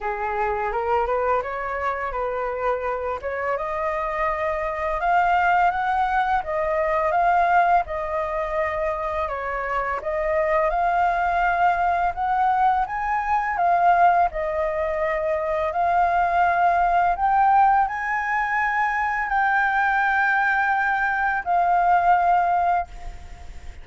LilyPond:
\new Staff \with { instrumentName = "flute" } { \time 4/4 \tempo 4 = 84 gis'4 ais'8 b'8 cis''4 b'4~ | b'8 cis''8 dis''2 f''4 | fis''4 dis''4 f''4 dis''4~ | dis''4 cis''4 dis''4 f''4~ |
f''4 fis''4 gis''4 f''4 | dis''2 f''2 | g''4 gis''2 g''4~ | g''2 f''2 | }